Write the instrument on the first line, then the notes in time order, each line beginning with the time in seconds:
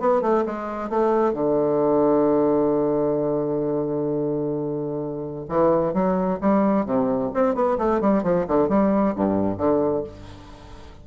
bassoon
0.00 B3
0.22 A3
0.46 G#3
0.90 A3
1.33 D3
5.49 E3
5.94 F#3
6.41 G3
6.86 C3
7.34 C4
7.55 B3
7.78 A3
8.01 G3
8.23 F3
8.48 D3
8.69 G3
9.16 G2
9.58 D3